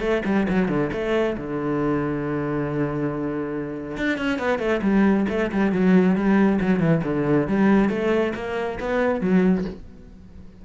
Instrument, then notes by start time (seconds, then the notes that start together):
cello
0.00 A3
0.25 G3
0.48 F#3
0.68 D3
0.93 A3
1.37 D3
3.97 D4
4.18 C#4
4.39 B3
4.59 A3
4.82 G3
5.29 A3
5.52 G3
5.72 F#3
6.15 G3
6.61 F#3
6.79 E3
7.04 D3
7.48 G3
7.89 A3
8.35 A#3
8.80 B3
9.21 F#3